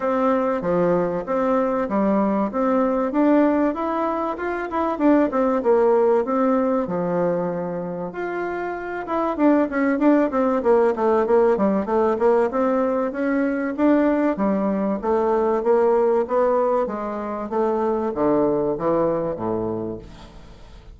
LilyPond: \new Staff \with { instrumentName = "bassoon" } { \time 4/4 \tempo 4 = 96 c'4 f4 c'4 g4 | c'4 d'4 e'4 f'8 e'8 | d'8 c'8 ais4 c'4 f4~ | f4 f'4. e'8 d'8 cis'8 |
d'8 c'8 ais8 a8 ais8 g8 a8 ais8 | c'4 cis'4 d'4 g4 | a4 ais4 b4 gis4 | a4 d4 e4 a,4 | }